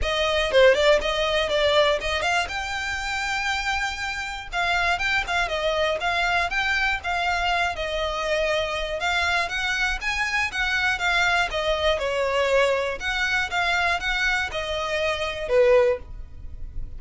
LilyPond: \new Staff \with { instrumentName = "violin" } { \time 4/4 \tempo 4 = 120 dis''4 c''8 d''8 dis''4 d''4 | dis''8 f''8 g''2.~ | g''4 f''4 g''8 f''8 dis''4 | f''4 g''4 f''4. dis''8~ |
dis''2 f''4 fis''4 | gis''4 fis''4 f''4 dis''4 | cis''2 fis''4 f''4 | fis''4 dis''2 b'4 | }